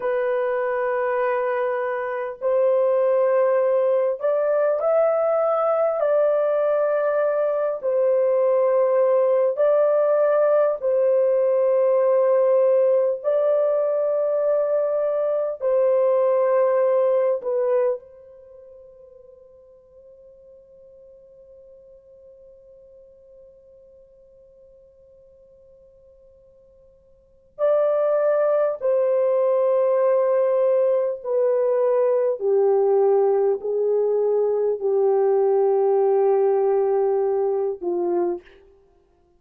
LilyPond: \new Staff \with { instrumentName = "horn" } { \time 4/4 \tempo 4 = 50 b'2 c''4. d''8 | e''4 d''4. c''4. | d''4 c''2 d''4~ | d''4 c''4. b'8 c''4~ |
c''1~ | c''2. d''4 | c''2 b'4 g'4 | gis'4 g'2~ g'8 f'8 | }